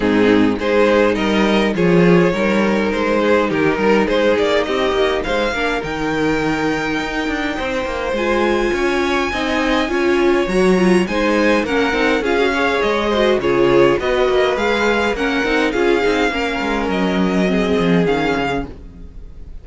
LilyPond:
<<
  \new Staff \with { instrumentName = "violin" } { \time 4/4 \tempo 4 = 103 gis'4 c''4 dis''4 cis''4~ | cis''4 c''4 ais'4 c''8 d''8 | dis''4 f''4 g''2~ | g''2 gis''2~ |
gis''2 ais''4 gis''4 | fis''4 f''4 dis''4 cis''4 | dis''4 f''4 fis''4 f''4~ | f''4 dis''2 f''4 | }
  \new Staff \with { instrumentName = "violin" } { \time 4/4 dis'4 gis'4 ais'4 gis'4 | ais'4. gis'8 g'8 ais'8 gis'4 | g'4 c''8 ais'2~ ais'8~ | ais'4 c''2 cis''4 |
dis''4 cis''2 c''4 | ais'4 gis'8 cis''4 c''8 gis'4 | b'2 ais'4 gis'4 | ais'2 gis'2 | }
  \new Staff \with { instrumentName = "viola" } { \time 4/4 c'4 dis'2 f'4 | dis'1~ | dis'4. d'8 dis'2~ | dis'2 f'2 |
dis'4 f'4 fis'8 f'8 dis'4 | cis'8 dis'8 f'16 fis'16 gis'4 fis'8 f'4 | fis'4 gis'4 cis'8 dis'8 f'8 dis'8 | cis'2 c'4 cis'4 | }
  \new Staff \with { instrumentName = "cello" } { \time 4/4 gis,4 gis4 g4 f4 | g4 gis4 dis8 g8 gis8 ais8 | c'8 ais8 gis8 ais8 dis2 | dis'8 d'8 c'8 ais8 gis4 cis'4 |
c'4 cis'4 fis4 gis4 | ais8 c'8 cis'4 gis4 cis4 | b8 ais8 gis4 ais8 c'8 cis'8 c'8 | ais8 gis8 fis4. f8 dis8 cis8 | }
>>